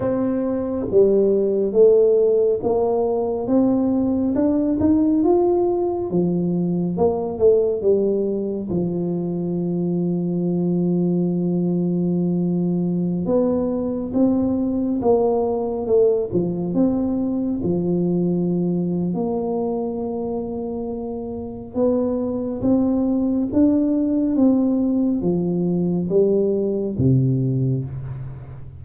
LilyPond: \new Staff \with { instrumentName = "tuba" } { \time 4/4 \tempo 4 = 69 c'4 g4 a4 ais4 | c'4 d'8 dis'8 f'4 f4 | ais8 a8 g4 f2~ | f2.~ f16 b8.~ |
b16 c'4 ais4 a8 f8 c'8.~ | c'16 f4.~ f16 ais2~ | ais4 b4 c'4 d'4 | c'4 f4 g4 c4 | }